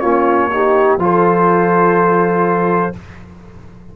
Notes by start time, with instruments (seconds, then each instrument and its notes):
0.00 tuba A#3, trombone C#4, horn F4, trumpet C#5
0.51 trombone D#4, horn G4
0.98 tuba F3, trombone F4, horn A4, trumpet C5